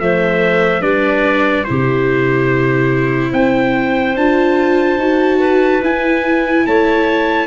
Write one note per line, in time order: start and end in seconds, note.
0.00 0.81 F3
0.00 0.81 A3
0.00 0.82 C5
0.00 0.82 E5
0.81 1.65 G3
0.81 1.64 D4
0.81 1.65 B4
0.81 1.64 D5
1.64 3.33 C3
1.64 4.16 E4
1.64 3.30 G4
1.64 3.31 C5
3.30 4.16 C4
3.30 5.39 C5
3.30 4.16 G5
4.16 4.97 D4
4.16 4.99 F4
4.16 5.83 A5
4.97 5.81 D#4
4.97 5.82 F#4
5.39 6.64 B4
5.82 6.65 E4
5.82 7.47 E4
5.82 6.66 G#5
6.66 7.47 A3
6.66 7.47 C#5
6.66 7.47 A5